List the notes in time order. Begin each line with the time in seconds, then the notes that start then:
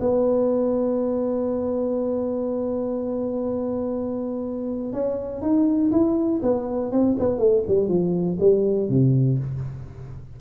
0.00 B3
4.93 C#4
5.42 D#4
5.92 E4
6.43 B3
6.92 C4
7.19 B3
7.39 A3
7.68 G3
7.89 F3
8.40 G3
8.89 C3